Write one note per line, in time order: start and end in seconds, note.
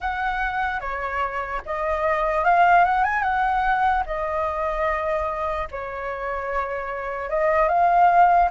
0.00 0.80 F#5
0.80 1.61 C#5
1.65 2.44 D#5
2.44 2.84 F5
2.84 3.04 F#5
3.04 3.22 G#5
3.22 4.03 F#5
4.05 5.68 D#5
5.71 7.29 C#5
7.29 7.68 D#5
7.68 8.49 F5